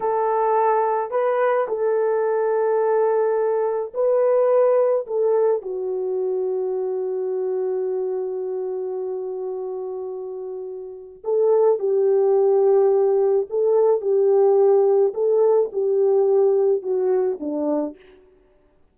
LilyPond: \new Staff \with { instrumentName = "horn" } { \time 4/4 \tempo 4 = 107 a'2 b'4 a'4~ | a'2. b'4~ | b'4 a'4 fis'2~ | fis'1~ |
fis'1 | a'4 g'2. | a'4 g'2 a'4 | g'2 fis'4 d'4 | }